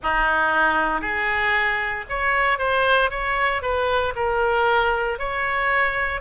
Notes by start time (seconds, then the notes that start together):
0.03 D#4
1.01 G#4
2.09 C#5
2.58 C5
3.10 C#5
3.62 B4
4.15 A#4
5.19 C#5